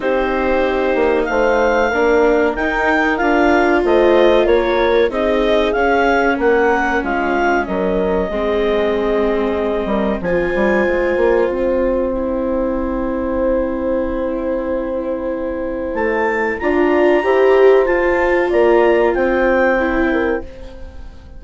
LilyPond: <<
  \new Staff \with { instrumentName = "clarinet" } { \time 4/4 \tempo 4 = 94 c''2 f''2 | g''4 f''4 dis''4 cis''4 | dis''4 f''4 fis''4 f''4 | dis''1 |
gis''2 g''2~ | g''1~ | g''4 a''4 ais''2 | a''4 ais''4 g''2 | }
  \new Staff \with { instrumentName = "horn" } { \time 4/4 g'2 c''4 ais'4~ | ais'2 c''4 ais'4 | gis'2 ais'4 f'4 | ais'4 gis'2~ gis'8 ais'8 |
c''1~ | c''1~ | c''2 d''4 c''4~ | c''4 d''4 c''4. ais'8 | }
  \new Staff \with { instrumentName = "viola" } { \time 4/4 dis'2. d'4 | dis'4 f'2. | dis'4 cis'2.~ | cis'4 c'2. |
f'2. e'4~ | e'1~ | e'2 f'4 g'4 | f'2. e'4 | }
  \new Staff \with { instrumentName = "bassoon" } { \time 4/4 c'4. ais8 a4 ais4 | dis'4 d'4 a4 ais4 | c'4 cis'4 ais4 gis4 | fis4 gis2~ gis8 g8 |
f8 g8 gis8 ais8 c'2~ | c'1~ | c'4 a4 d'4 e'4 | f'4 ais4 c'2 | }
>>